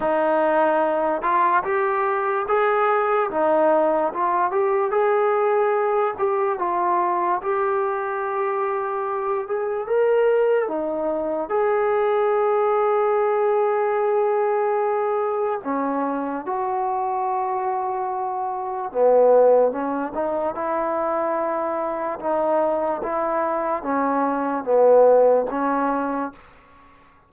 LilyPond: \new Staff \with { instrumentName = "trombone" } { \time 4/4 \tempo 4 = 73 dis'4. f'8 g'4 gis'4 | dis'4 f'8 g'8 gis'4. g'8 | f'4 g'2~ g'8 gis'8 | ais'4 dis'4 gis'2~ |
gis'2. cis'4 | fis'2. b4 | cis'8 dis'8 e'2 dis'4 | e'4 cis'4 b4 cis'4 | }